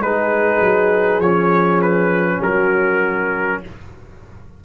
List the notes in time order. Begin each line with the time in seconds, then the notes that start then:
0.00 G#3 D#4 G#4 B4
0.60 F#3
1.19 F3 C#4 C#5
1.81 B4
2.40 F#3 F#4 A#4